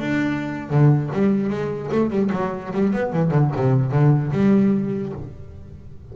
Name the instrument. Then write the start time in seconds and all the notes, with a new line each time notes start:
double bass
0.00 D4
0.70 D3
1.13 G3
1.50 G#3
1.91 A3
2.10 G3
2.32 F#3
2.73 G3
2.93 B3
3.12 E3
3.31 D3
3.56 C3
3.91 D3
4.32 G3